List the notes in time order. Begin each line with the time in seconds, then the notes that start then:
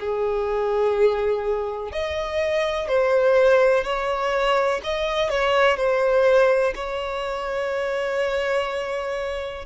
0.00 G#4
1.92 D#5
2.89 C5
3.84 C#5
4.84 D#5
5.30 C#5
5.77 C5
6.76 C#5